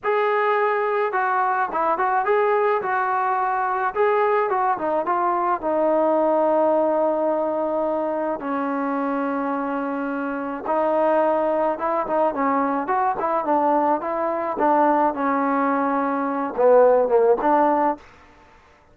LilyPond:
\new Staff \with { instrumentName = "trombone" } { \time 4/4 \tempo 4 = 107 gis'2 fis'4 e'8 fis'8 | gis'4 fis'2 gis'4 | fis'8 dis'8 f'4 dis'2~ | dis'2. cis'4~ |
cis'2. dis'4~ | dis'4 e'8 dis'8 cis'4 fis'8 e'8 | d'4 e'4 d'4 cis'4~ | cis'4. b4 ais8 d'4 | }